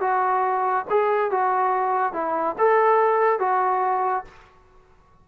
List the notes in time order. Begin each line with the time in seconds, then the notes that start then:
0.00 F#4
0.89 G#4
1.30 F#4
2.13 E4
2.58 A4
3.39 F#4